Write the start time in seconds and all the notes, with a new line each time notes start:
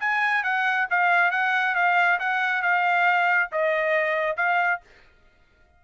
0.00 G#5
0.43 F#5
0.90 F5
1.31 F#5
1.75 F5
2.20 F#5
2.62 F5
3.52 D#5
4.37 F5